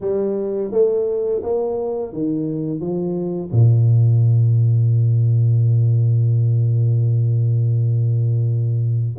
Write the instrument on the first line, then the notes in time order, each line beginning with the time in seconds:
tuba
0.00 G3
0.71 A3
1.42 A#3
2.12 D#3
2.80 F3
3.51 A#2